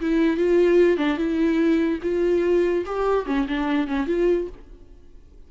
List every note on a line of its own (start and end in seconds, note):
0.00 0.37 E4
0.37 0.97 F4
0.97 1.17 D4
1.17 1.99 E4
2.02 2.84 F4
2.85 3.26 G4
3.26 3.46 C#4
3.47 3.87 D4
3.87 4.06 C#4
4.06 4.47 F4